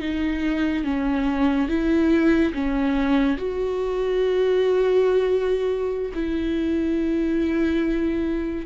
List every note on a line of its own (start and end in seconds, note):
0.00 0.84 D#4
0.84 1.68 C#4
1.68 2.53 E4
2.54 3.38 C#4
3.38 6.12 F#4
6.14 8.66 E4